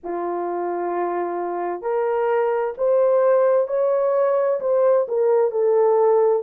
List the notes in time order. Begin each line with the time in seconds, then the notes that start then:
0.03 F4
1.81 A#4
2.77 C5
3.67 C#5
4.60 C5
5.08 A#4
5.51 A4